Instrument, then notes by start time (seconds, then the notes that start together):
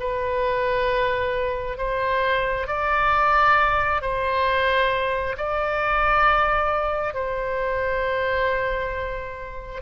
oboe
0.00 B4
1.78 C5
2.67 D5
4.02 C5
5.38 D5
7.14 C5